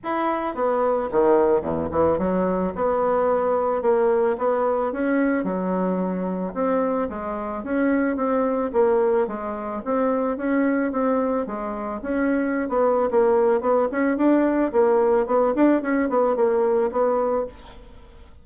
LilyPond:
\new Staff \with { instrumentName = "bassoon" } { \time 4/4 \tempo 4 = 110 e'4 b4 dis4 e,8 e8 | fis4 b2 ais4 | b4 cis'4 fis2 | c'4 gis4 cis'4 c'4 |
ais4 gis4 c'4 cis'4 | c'4 gis4 cis'4~ cis'16 b8. | ais4 b8 cis'8 d'4 ais4 | b8 d'8 cis'8 b8 ais4 b4 | }